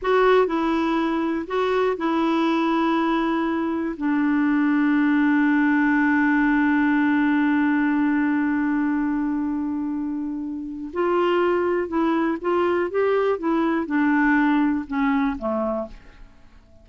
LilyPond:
\new Staff \with { instrumentName = "clarinet" } { \time 4/4 \tempo 4 = 121 fis'4 e'2 fis'4 | e'1 | d'1~ | d'1~ |
d'1~ | d'2 f'2 | e'4 f'4 g'4 e'4 | d'2 cis'4 a4 | }